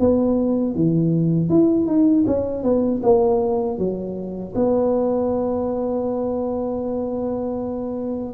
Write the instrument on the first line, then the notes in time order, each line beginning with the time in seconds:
tuba
0.00 B3
0.75 E3
1.49 E4
1.86 D#4
2.27 C#4
2.63 B3
3.03 A#3
3.78 F#3
4.55 B3